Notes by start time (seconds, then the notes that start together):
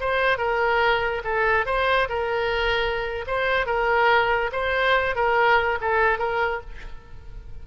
0.00 C5
0.38 A#4
1.24 A4
1.66 C5
2.09 A#4
3.27 C5
3.66 A#4
4.52 C5
5.15 A#4
5.81 A4
6.18 A#4